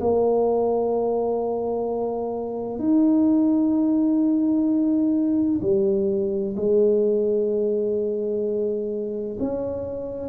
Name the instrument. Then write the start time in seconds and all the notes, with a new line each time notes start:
tuba
0.00 A#3
2.79 D#4
5.61 G3
6.56 G#3
9.39 C#4